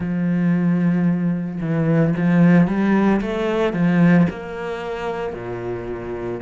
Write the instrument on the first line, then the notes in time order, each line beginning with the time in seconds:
cello
0.00 F3
1.60 E3
2.16 F3
2.67 G3
3.21 A3
3.73 F3
4.30 A#3
5.33 A#2